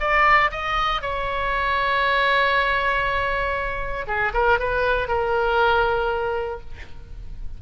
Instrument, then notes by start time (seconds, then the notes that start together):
oboe
0.00 D5
0.51 D#5
1.01 C#5
4.07 G#4
4.34 A#4
4.59 B4
5.08 A#4